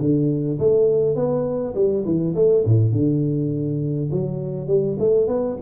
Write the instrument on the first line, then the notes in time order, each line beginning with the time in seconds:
tuba
0.00 D3
0.60 A3
1.16 B3
1.75 G3
2.05 E3
2.36 A3
2.66 A2
2.93 D3
4.12 F#3
4.68 G3
4.99 A3
5.28 B3